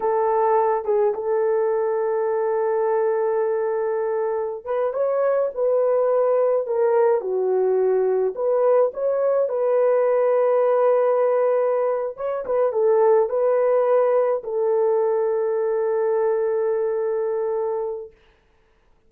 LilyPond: \new Staff \with { instrumentName = "horn" } { \time 4/4 \tempo 4 = 106 a'4. gis'8 a'2~ | a'1~ | a'16 b'8 cis''4 b'2 ais'16~ | ais'8. fis'2 b'4 cis''16~ |
cis''8. b'2.~ b'16~ | b'4. cis''8 b'8 a'4 b'8~ | b'4. a'2~ a'8~ | a'1 | }